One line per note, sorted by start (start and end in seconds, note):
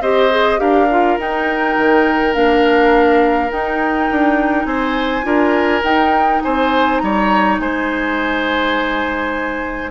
0.00 0.58 C4
0.00 0.30 G4
0.00 0.60 C5
0.00 0.59 D#5
0.30 0.57 G#4
0.57 1.17 D4
0.57 0.87 G4
0.57 4.67 A#4
0.57 1.17 F5
0.90 1.18 F4
1.17 1.76 D#4
1.17 2.33 D#4
1.17 2.34 G5
1.77 2.35 D#3
2.33 3.51 A#3
2.33 3.49 D4
2.33 3.50 F5
3.49 5.22 D#4
3.49 4.09 D#4
3.49 4.65 G5
4.10 4.65 D4
4.65 5.23 C4
4.65 5.25 C5
4.65 5.81 G#5
5.22 5.82 D4
5.22 5.80 F4
5.22 6.42 A#4
5.83 6.41 D#4
5.83 9.90 D#4
5.83 6.41 G5
6.42 7.02 C4
6.42 7.02 C5
6.42 6.98 G#5
6.98 7.59 G3
6.98 7.61 C#5
6.98 7.56 A#5
7.59 9.90 G#3
7.59 9.90 C5
7.59 9.90 G#5